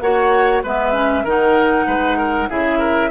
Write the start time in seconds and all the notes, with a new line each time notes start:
0.00 A#3 F#4 C#5 F#5
0.63 G#3 B3 B4 E5
0.93 C#4
1.24 D#3 D#4 A#4 F#5
1.87 G#3 B4
2.18 A#4
2.49 C#3 E4 G#4 E5
2.79 A#4